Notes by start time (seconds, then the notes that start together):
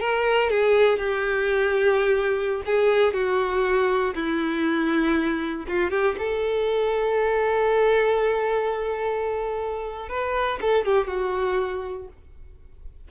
0.00 A#4
0.50 G#4
0.98 G4
2.65 G#4
3.13 F#4
4.14 E4
5.67 F4
5.90 G4
6.18 A4
10.08 B4
10.61 A4
10.85 G4
11.07 F#4